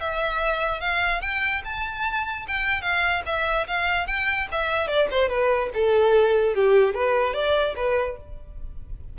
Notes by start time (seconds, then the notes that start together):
0.00 E5
0.80 F5
1.21 G5
1.64 A5
2.47 G5
2.81 F5
3.26 E5
3.67 F5
4.07 G5
4.51 E5
4.87 D5
5.11 C5
5.29 B4
5.74 A4
6.55 G4
6.94 B4
7.33 D5
7.76 B4